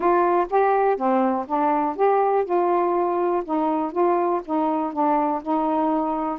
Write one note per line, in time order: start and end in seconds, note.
0.00 0.46 F4
0.50 0.96 G4
0.96 1.46 C4
1.47 1.96 D4
1.96 2.45 G4
2.45 3.43 F4
3.44 3.92 D#4
3.92 4.41 F4
4.45 4.92 D#4
4.92 5.41 D4
5.42 6.38 D#4